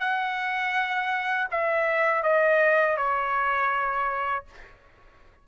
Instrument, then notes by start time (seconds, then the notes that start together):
trumpet
0.00 F#5
1.52 E5
2.23 D#5
2.97 C#5